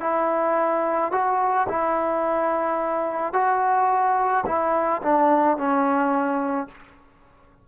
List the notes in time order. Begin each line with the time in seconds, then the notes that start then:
0.00 E4
1.12 F#4
1.69 E4
3.33 F#4
4.46 E4
5.02 D4
5.57 C#4